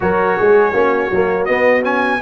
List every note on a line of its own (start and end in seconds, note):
0.00 0.38 F#3
0.00 0.73 F#4
0.00 0.37 A#4
0.00 1.45 C#5
0.37 0.73 G#3
0.37 0.72 G#4
0.72 1.10 A#3
0.72 1.10 C#4
0.72 2.20 F#4
1.11 1.48 F#3
1.11 1.48 A#3
1.45 1.82 B3
1.45 2.21 B3
1.45 1.82 D#5
1.82 2.19 C#4
1.82 2.21 G#5